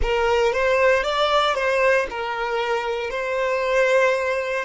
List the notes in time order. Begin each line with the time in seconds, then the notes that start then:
0.01 A#4
0.52 C5
1.03 D5
1.55 C5
2.10 A#4
3.10 C5